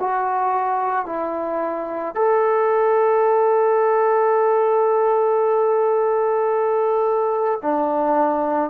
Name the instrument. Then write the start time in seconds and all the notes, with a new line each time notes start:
trombone
0.00 F#4
1.07 E4
2.16 A4
7.63 D4